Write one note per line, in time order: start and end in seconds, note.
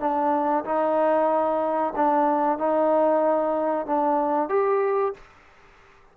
0.00 0.65 D4
0.65 1.94 D#4
1.96 2.58 D4
2.58 3.87 D#4
3.87 4.49 D4
4.49 5.14 G4